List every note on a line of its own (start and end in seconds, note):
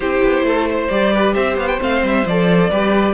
0.00 0.21 C4
0.00 0.90 E4
0.00 0.45 G4
0.00 0.88 C5
0.23 0.43 B3
0.43 0.88 A3
0.43 0.69 A4
0.70 1.13 C5
0.88 1.35 G3
0.88 1.79 G4
0.88 1.33 D5
1.13 1.35 B4
1.34 1.56 C4
1.34 2.70 C5
1.34 1.56 E5
1.56 1.79 B3
1.56 1.67 F5
1.67 1.79 G5
1.79 2.02 A3
1.79 2.24 C4
1.79 2.05 F5
2.02 2.24 G3
2.02 2.27 E5
2.26 2.70 F3
2.26 2.71 A4
2.26 3.13 D5
2.70 3.13 G3
2.70 3.13 G4
2.70 3.13 B4